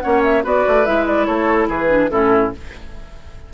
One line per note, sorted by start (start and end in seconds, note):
0.00 0.44 A#3
0.00 0.43 C#4
0.00 0.43 C#5
0.00 0.21 F#5
0.23 0.43 E5
0.43 0.65 B3
0.43 0.85 F#4
0.43 1.27 B4
0.43 0.85 D5
0.67 0.87 A3
0.85 1.28 G#3
0.85 1.88 E4
0.85 1.06 E5
1.06 1.26 D5
1.26 1.68 A3
1.26 1.68 A4
1.26 1.68 C#5
1.68 2.09 E3
1.68 2.09 G#4
1.68 2.10 B4
1.88 2.09 D4
2.10 2.53 A2
2.10 2.52 C#4
2.10 2.53 E4
2.10 2.52 A4